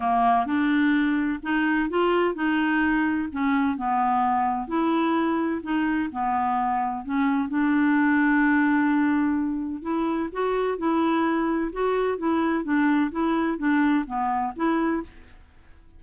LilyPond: \new Staff \with { instrumentName = "clarinet" } { \time 4/4 \tempo 4 = 128 ais4 d'2 dis'4 | f'4 dis'2 cis'4 | b2 e'2 | dis'4 b2 cis'4 |
d'1~ | d'4 e'4 fis'4 e'4~ | e'4 fis'4 e'4 d'4 | e'4 d'4 b4 e'4 | }